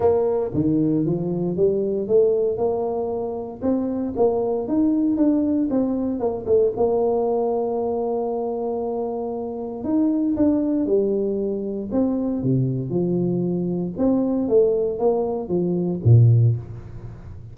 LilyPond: \new Staff \with { instrumentName = "tuba" } { \time 4/4 \tempo 4 = 116 ais4 dis4 f4 g4 | a4 ais2 c'4 | ais4 dis'4 d'4 c'4 | ais8 a8 ais2.~ |
ais2. dis'4 | d'4 g2 c'4 | c4 f2 c'4 | a4 ais4 f4 ais,4 | }